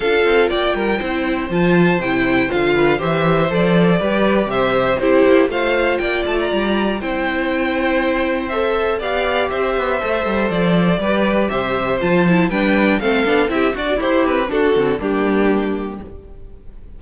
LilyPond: <<
  \new Staff \with { instrumentName = "violin" } { \time 4/4 \tempo 4 = 120 f''4 g''2 a''4 | g''4 f''4 e''4 d''4~ | d''4 e''4 c''4 f''4 | g''8 a''16 ais''4~ ais''16 g''2~ |
g''4 e''4 f''4 e''4~ | e''4 d''2 e''4 | a''4 g''4 f''4 e''8 d''8 | c''8 b'8 a'4 g'2 | }
  \new Staff \with { instrumentName = "violin" } { \time 4/4 a'4 d''8 ais'8 c''2~ | c''4. b'8 c''2 | b'4 c''4 g'4 c''4 | d''2 c''2~ |
c''2 d''4 c''4~ | c''2 b'4 c''4~ | c''4 b'4 a'4 g'8 fis'8 | e'4 fis'4 d'2 | }
  \new Staff \with { instrumentName = "viola" } { \time 4/4 f'2 e'4 f'4 | e'4 f'4 g'4 a'4 | g'2 e'4 f'4~ | f'2 e'2~ |
e'4 a'4 g'2 | a'2 g'2 | f'8 e'8 d'4 c'8 d'8 e'8 fis'8 | g'4 d'8 c'8 ais2 | }
  \new Staff \with { instrumentName = "cello" } { \time 4/4 d'8 c'8 ais8 g8 c'4 f4 | c4 d4 e4 f4 | g4 c4 c'8 ais8 a4 | ais8 a8 g4 c'2~ |
c'2 b4 c'8 b8 | a8 g8 f4 g4 c4 | f4 g4 a8 b8 c'8 d'8 | e'8 c'8 d'8 d8 g2 | }
>>